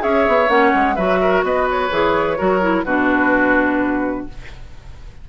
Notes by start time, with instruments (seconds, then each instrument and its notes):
0.00 bassoon C#4, clarinet G#4, oboe C#5, flute E5
0.28 bassoon B3
0.49 bassoon A#3, clarinet C#4, flute F#5
0.75 bassoon G#3
0.96 bassoon F#3, clarinet F#4, oboe B4, flute E5
1.21 oboe A#4
1.44 bassoon B3, oboe B4, flute D#5
1.71 flute C#5
1.90 bassoon E3, clarinet G#4
2.38 bassoon F#3, clarinet F#4, oboe A#4
2.62 clarinet E4
2.85 bassoon B2, clarinet D4, oboe F#4, flute B4